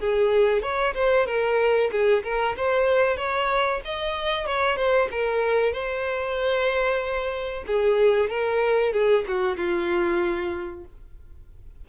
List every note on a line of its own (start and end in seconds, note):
0.00 0.62 G#4
0.62 0.94 C#5
0.95 1.26 C5
1.27 1.91 A#4
1.91 2.23 G#4
2.24 2.56 A#4
2.57 3.17 C5
3.17 3.81 C#5
3.85 4.47 D#5
4.47 4.76 C#5
4.76 5.08 C5
5.11 5.73 A#4
5.73 7.65 C5
7.67 8.30 G#4
8.30 8.93 A#4
8.93 9.25 G#4
9.28 9.57 F#4
9.57 10.85 F4